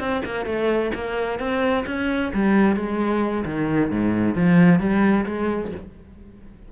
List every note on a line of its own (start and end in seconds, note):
0.00 0.23 C4
0.26 0.46 A#3
0.46 0.92 A3
0.95 1.40 A#3
1.40 1.85 C4
1.87 2.32 C#4
2.34 2.77 G3
2.77 3.45 G#3
3.46 3.91 D#3
3.91 4.36 G#2
4.36 4.80 F3
4.80 5.26 G3
5.26 5.72 G#3